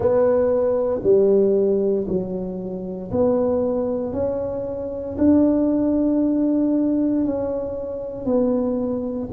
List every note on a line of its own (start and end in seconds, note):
0.00 1.01 B3
1.03 2.06 G3
2.07 3.10 F#3
3.11 4.12 B3
4.12 5.16 C#4
5.18 7.24 D4
7.24 8.25 C#4
8.25 9.28 B3